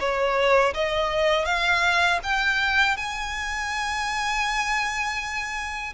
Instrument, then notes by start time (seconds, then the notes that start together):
violin
0.00 C#5
0.75 D#5
1.46 F5
2.24 G5
2.98 G#5